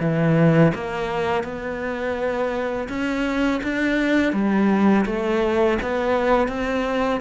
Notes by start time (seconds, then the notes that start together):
0.00 E3
0.75 A#3
1.44 B3
2.89 C#4
3.63 D4
4.33 G3
5.06 A3
5.82 B3
6.48 C4